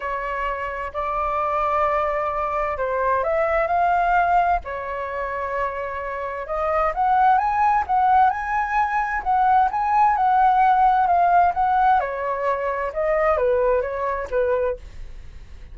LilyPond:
\new Staff \with { instrumentName = "flute" } { \time 4/4 \tempo 4 = 130 cis''2 d''2~ | d''2 c''4 e''4 | f''2 cis''2~ | cis''2 dis''4 fis''4 |
gis''4 fis''4 gis''2 | fis''4 gis''4 fis''2 | f''4 fis''4 cis''2 | dis''4 b'4 cis''4 b'4 | }